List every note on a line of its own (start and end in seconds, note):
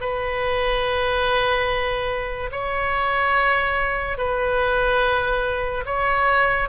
0.00 2.50 B4
2.52 4.17 C#5
4.17 5.84 B4
5.85 6.69 C#5